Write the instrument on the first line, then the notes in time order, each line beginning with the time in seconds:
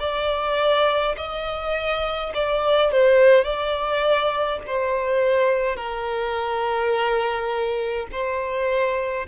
violin
0.00 D5
1.17 D#5
2.34 D5
2.92 C5
3.45 D5
4.67 C5
5.77 A#4
8.12 C5